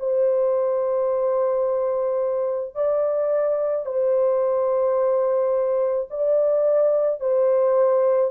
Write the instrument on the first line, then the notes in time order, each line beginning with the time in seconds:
horn
0.00 C5
2.76 D5
3.86 C5
6.11 D5
7.20 C5